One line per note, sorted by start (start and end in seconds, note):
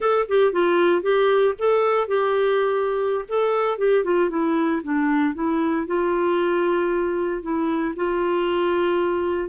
0.00 0.27 A4
0.28 0.52 G4
0.52 1.02 F4
1.02 1.54 G4
1.58 2.07 A4
2.07 3.25 G4
3.28 3.78 A4
3.78 4.03 G4
4.03 4.29 F4
4.29 4.81 E4
4.83 5.34 D4
5.34 5.86 E4
5.86 7.42 F4
7.42 7.94 E4
7.95 9.49 F4